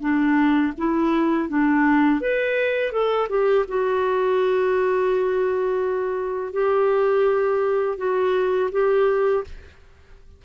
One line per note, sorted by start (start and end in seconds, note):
0.00 0.72 D4
0.77 1.48 E4
1.48 2.20 D4
2.20 2.91 B4
2.91 3.28 A4
3.29 3.65 G4
3.68 6.53 F#4
6.53 7.97 G4
7.97 8.70 F#4
8.71 9.43 G4